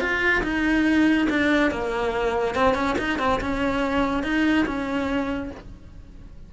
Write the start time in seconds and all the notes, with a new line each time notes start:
0.00 F4
0.43 D#4
1.29 D4
1.71 A#3
2.54 C4
2.74 C#4
2.98 D#4
3.19 C4
3.41 C#4
4.23 D#4
4.66 C#4